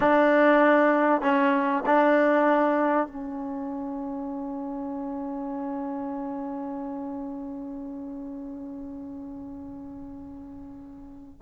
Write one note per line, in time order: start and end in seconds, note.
0.00 1.21 D4
1.21 1.83 C#4
1.86 3.07 D4
3.07 11.42 C#4